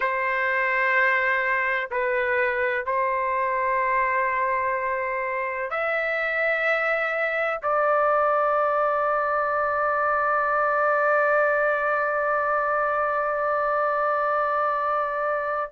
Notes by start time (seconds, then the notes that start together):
0.00 C5
1.90 B4
2.85 C5
5.70 E5
7.62 D5